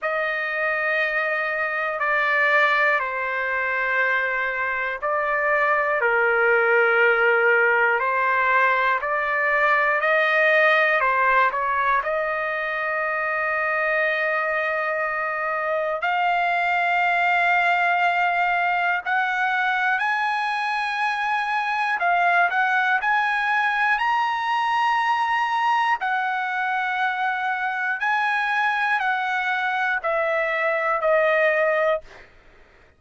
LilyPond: \new Staff \with { instrumentName = "trumpet" } { \time 4/4 \tempo 4 = 60 dis''2 d''4 c''4~ | c''4 d''4 ais'2 | c''4 d''4 dis''4 c''8 cis''8 | dis''1 |
f''2. fis''4 | gis''2 f''8 fis''8 gis''4 | ais''2 fis''2 | gis''4 fis''4 e''4 dis''4 | }